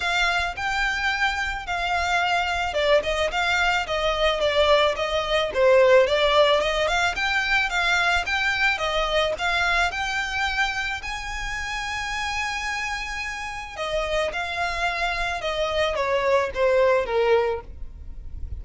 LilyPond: \new Staff \with { instrumentName = "violin" } { \time 4/4 \tempo 4 = 109 f''4 g''2 f''4~ | f''4 d''8 dis''8 f''4 dis''4 | d''4 dis''4 c''4 d''4 | dis''8 f''8 g''4 f''4 g''4 |
dis''4 f''4 g''2 | gis''1~ | gis''4 dis''4 f''2 | dis''4 cis''4 c''4 ais'4 | }